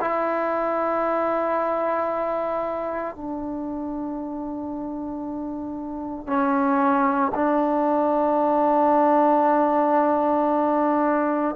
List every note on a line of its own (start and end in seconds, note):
0.00 3.15 E4
3.15 6.26 D4
6.26 7.32 C#4
7.34 11.55 D4